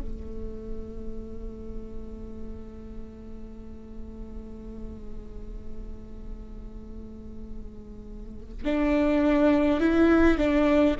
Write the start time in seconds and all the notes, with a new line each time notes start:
0.00 A3
8.65 D4
9.80 E4
10.38 D4